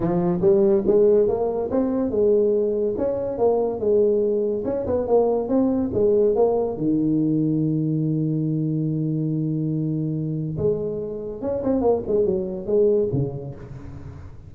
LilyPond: \new Staff \with { instrumentName = "tuba" } { \time 4/4 \tempo 4 = 142 f4 g4 gis4 ais4 | c'4 gis2 cis'4 | ais4 gis2 cis'8 b8 | ais4 c'4 gis4 ais4 |
dis1~ | dis1~ | dis4 gis2 cis'8 c'8 | ais8 gis8 fis4 gis4 cis4 | }